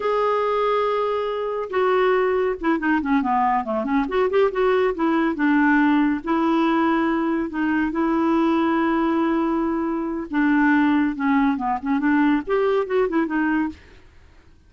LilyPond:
\new Staff \with { instrumentName = "clarinet" } { \time 4/4 \tempo 4 = 140 gis'1 | fis'2 e'8 dis'8 cis'8 b8~ | b8 a8 cis'8 fis'8 g'8 fis'4 e'8~ | e'8 d'2 e'4.~ |
e'4. dis'4 e'4.~ | e'1 | d'2 cis'4 b8 cis'8 | d'4 g'4 fis'8 e'8 dis'4 | }